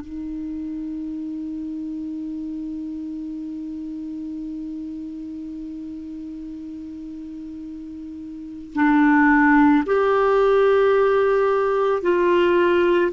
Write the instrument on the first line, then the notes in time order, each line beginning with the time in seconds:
clarinet
0.00 D#4
8.74 D4
9.86 G4
12.02 F4